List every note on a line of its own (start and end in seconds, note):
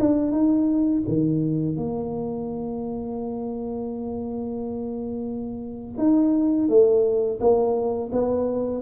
0.00 0.32 D4
0.32 1.03 D#4
1.08 1.77 D#3
1.77 5.98 A#3
5.98 6.69 D#4
6.69 7.40 A3
7.41 8.11 A#3
8.12 8.82 B3